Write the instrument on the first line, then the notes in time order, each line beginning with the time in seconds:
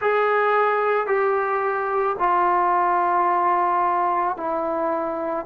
trombone
0.00 G#4
1.06 G4
2.18 F4
4.36 E4